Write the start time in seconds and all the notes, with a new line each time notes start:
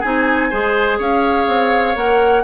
0.00 C4 D#4 G#4 G#5
0.51 G#3 G#4 C5
0.99 C#4 C#5 F5
1.47 C4
1.95 A#3 A#4 F#5